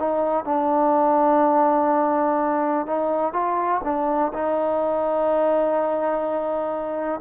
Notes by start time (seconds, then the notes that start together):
0.00 D#4
0.45 D4
2.87 D#4
3.33 F4
3.84 D4
4.34 D#4